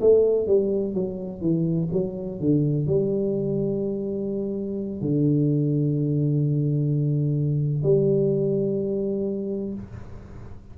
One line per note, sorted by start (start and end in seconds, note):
0.00 0.47 A3
0.47 0.94 G3
0.94 1.41 F#3
1.41 1.88 E3
1.92 2.40 F#3
2.40 2.87 D3
2.87 5.01 G3
5.01 7.83 D3
7.83 9.74 G3